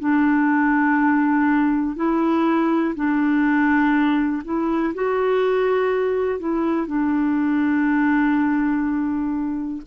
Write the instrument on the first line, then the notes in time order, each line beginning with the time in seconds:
clarinet
0.00 D4
1.96 E4
2.96 D4
4.45 E4
4.95 F#4
6.39 E4
6.87 D4